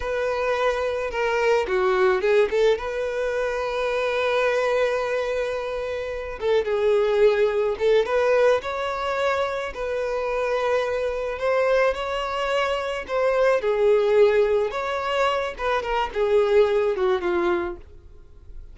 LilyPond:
\new Staff \with { instrumentName = "violin" } { \time 4/4 \tempo 4 = 108 b'2 ais'4 fis'4 | gis'8 a'8 b'2.~ | b'2.~ b'8 a'8 | gis'2 a'8 b'4 cis''8~ |
cis''4. b'2~ b'8~ | b'8 c''4 cis''2 c''8~ | c''8 gis'2 cis''4. | b'8 ais'8 gis'4. fis'8 f'4 | }